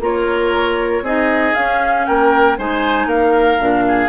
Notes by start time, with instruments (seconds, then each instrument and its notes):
0.00 bassoon A#3, clarinet F4, oboe A#4, flute C#5
1.02 bassoon C4, clarinet D#4, oboe G#4, flute D#5
1.55 clarinet C#4, bassoon C#4, flute F5
2.06 bassoon A#3, oboe A#4, flute G5
2.58 bassoon G#3, clarinet D#4, oboe C5, flute G#5
3.07 bassoon A#3, oboe A#4, flute F5
3.60 bassoon A#2, clarinet D4
3.88 oboe G#4